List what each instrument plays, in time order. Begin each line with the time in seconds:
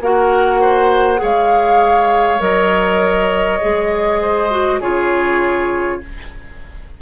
0.00 bassoon A#3, clarinet F#4, oboe A#4, flute F#5
0.60 oboe C5
1.17 clarinet G#4, oboe C#5
1.23 bassoon G#3, flute F5
2.39 bassoon F#3, clarinet A#4, flute D#5
3.61 bassoon G#3, clarinet G#4
4.21 oboe C5
4.50 clarinet F#4
4.80 bassoon C#3, clarinet F4, oboe G#4, flute C#5